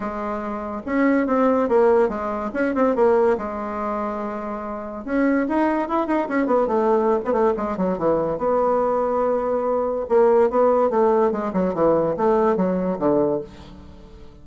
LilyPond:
\new Staff \with { instrumentName = "bassoon" } { \time 4/4 \tempo 4 = 143 gis2 cis'4 c'4 | ais4 gis4 cis'8 c'8 ais4 | gis1 | cis'4 dis'4 e'8 dis'8 cis'8 b8 |
a4~ a16 b16 a8 gis8 fis8 e4 | b1 | ais4 b4 a4 gis8 fis8 | e4 a4 fis4 d4 | }